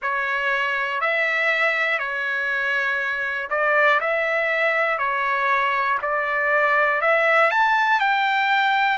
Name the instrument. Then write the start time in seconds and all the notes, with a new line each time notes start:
trumpet
0.02 C#5
1.00 E5
1.98 C#5
3.50 D5
4.00 E5
4.98 C#5
6.02 D5
7.01 E5
7.50 A5
8.00 G5